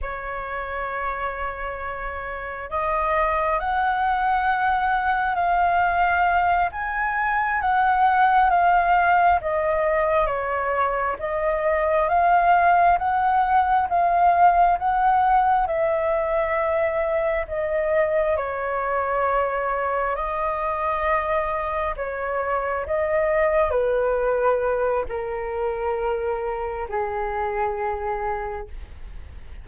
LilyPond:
\new Staff \with { instrumentName = "flute" } { \time 4/4 \tempo 4 = 67 cis''2. dis''4 | fis''2 f''4. gis''8~ | gis''8 fis''4 f''4 dis''4 cis''8~ | cis''8 dis''4 f''4 fis''4 f''8~ |
f''8 fis''4 e''2 dis''8~ | dis''8 cis''2 dis''4.~ | dis''8 cis''4 dis''4 b'4. | ais'2 gis'2 | }